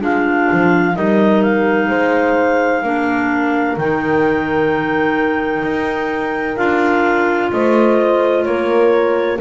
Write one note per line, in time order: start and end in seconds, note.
0.00 0.48 G#3
0.00 0.94 D4
0.00 0.95 F4
0.00 0.96 F5
0.52 0.96 F3
0.95 1.90 G3
0.95 2.83 D#4
0.95 1.89 A#4
0.95 1.43 D#5
1.43 3.77 F5
1.89 2.83 G#3
1.89 2.83 C5
2.83 3.77 A#3
2.83 3.78 D4
2.83 7.52 A#4
3.77 5.63 D#3
3.77 6.57 D#4
3.77 6.57 G5
5.63 6.57 D#4
6.57 7.51 D4
6.57 9.38 F4
6.57 7.50 F5
7.52 8.46 A3
7.52 8.46 C5
7.52 8.44 D#5
8.44 9.40 A#3
8.44 9.40 A#4
8.44 9.38 C#5